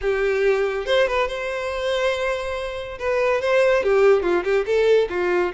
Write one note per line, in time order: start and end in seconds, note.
0.01 0.86 G4
0.86 1.07 C5
1.07 1.28 B4
1.28 2.98 C5
2.98 3.41 B4
3.41 3.83 C5
3.83 4.22 G4
4.22 4.43 F4
4.44 4.65 G4
4.66 5.08 A4
5.09 5.52 F4